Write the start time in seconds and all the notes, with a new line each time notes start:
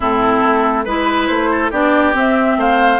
0.00 A2 C4 E4 A4
0.43 A3
0.84 G#3 E4 B4
1.26 A3 C5
1.50 A4
1.70 B3 D4 G4 D5
2.13 C4 E5
2.56 A3 C5 F5